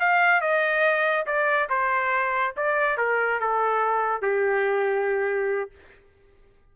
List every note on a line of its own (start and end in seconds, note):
0.00 0.41 F5
0.41 1.26 D#5
1.26 1.69 D5
1.69 2.55 C5
2.56 2.98 D5
2.98 3.40 A#4
3.40 4.22 A4
4.22 5.71 G4